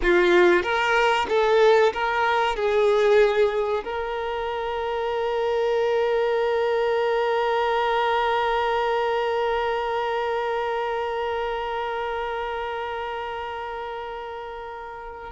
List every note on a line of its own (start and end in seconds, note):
0.02 0.62 F4
0.62 1.26 A#4
1.29 1.92 A4
1.93 2.55 A#4
2.55 3.83 G#4
3.84 15.31 A#4